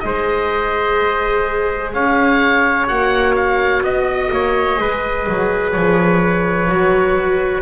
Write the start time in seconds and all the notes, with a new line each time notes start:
0.00 G#3 G#4 C5 D#5
1.94 C#4 C#5 F5
2.87 A#3 F#4 F#5
3.36 F5
3.82 B3 D#5
4.31 A#3 C#5
4.76 G#3 G#4 B4
5.29 F#3
5.72 F3 C#5
6.69 F#3 F#4